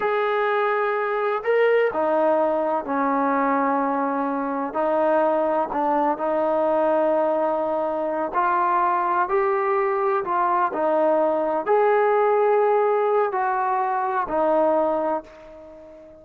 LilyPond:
\new Staff \with { instrumentName = "trombone" } { \time 4/4 \tempo 4 = 126 gis'2. ais'4 | dis'2 cis'2~ | cis'2 dis'2 | d'4 dis'2.~ |
dis'4. f'2 g'8~ | g'4. f'4 dis'4.~ | dis'8 gis'2.~ gis'8 | fis'2 dis'2 | }